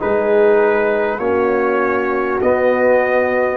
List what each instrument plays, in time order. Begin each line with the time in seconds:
0.00 tuba G#3, trombone D#4, horn G#4, trumpet B4
1.19 tuba A#3, trombone C#4, horn F#4, trumpet C#5
2.42 trombone B3, tuba B3, trumpet D#5